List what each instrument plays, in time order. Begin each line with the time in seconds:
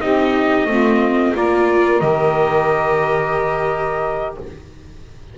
0.00 double bass C4, viola D#4, saxophone G4, trumpet D#5
0.65 double bass A3, viola C4, saxophone F4
1.34 double bass A#3, viola F4, saxophone A#4, trumpet D5
2.00 double bass D#3, viola G4, trumpet D#5